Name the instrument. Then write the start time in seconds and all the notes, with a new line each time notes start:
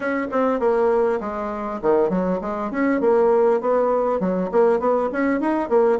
bassoon
0.00 C#4
0.31 C4
0.59 A#3
1.20 G#3
1.82 D#3
2.09 F#3
2.41 G#3
2.71 C#4
3.00 A#3
3.60 B3
4.20 F#3
4.51 A#3
4.79 B3
5.12 C#4
5.40 D#4
5.69 A#3